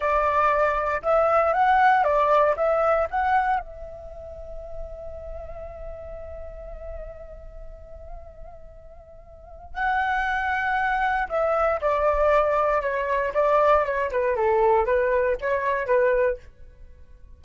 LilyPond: \new Staff \with { instrumentName = "flute" } { \time 4/4 \tempo 4 = 117 d''2 e''4 fis''4 | d''4 e''4 fis''4 e''4~ | e''1~ | e''1~ |
e''2. fis''4~ | fis''2 e''4 d''4~ | d''4 cis''4 d''4 cis''8 b'8 | a'4 b'4 cis''4 b'4 | }